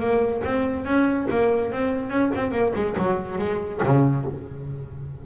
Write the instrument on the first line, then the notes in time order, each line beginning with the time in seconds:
double bass
0.00 A#3
0.44 C4
0.85 C#4
1.30 A#3
1.72 C4
2.10 C#4
2.35 C4
2.52 A#3
2.75 G#3
2.98 F#3
3.38 G#3
3.83 C#3